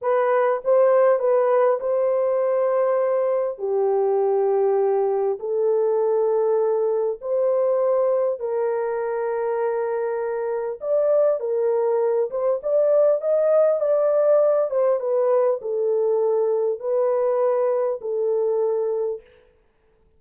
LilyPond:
\new Staff \with { instrumentName = "horn" } { \time 4/4 \tempo 4 = 100 b'4 c''4 b'4 c''4~ | c''2 g'2~ | g'4 a'2. | c''2 ais'2~ |
ais'2 d''4 ais'4~ | ais'8 c''8 d''4 dis''4 d''4~ | d''8 c''8 b'4 a'2 | b'2 a'2 | }